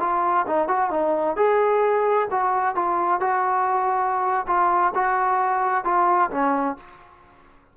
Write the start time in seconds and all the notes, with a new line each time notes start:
0.00 F4
0.47 D#4
0.68 F#4
0.90 D#4
1.36 G#4
2.30 F#4
2.75 F4
3.20 F#4
4.47 F4
4.94 F#4
5.84 F4
6.31 C#4